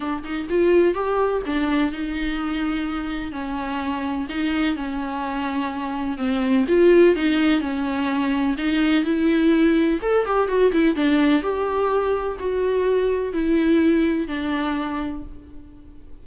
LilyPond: \new Staff \with { instrumentName = "viola" } { \time 4/4 \tempo 4 = 126 d'8 dis'8 f'4 g'4 d'4 | dis'2. cis'4~ | cis'4 dis'4 cis'2~ | cis'4 c'4 f'4 dis'4 |
cis'2 dis'4 e'4~ | e'4 a'8 g'8 fis'8 e'8 d'4 | g'2 fis'2 | e'2 d'2 | }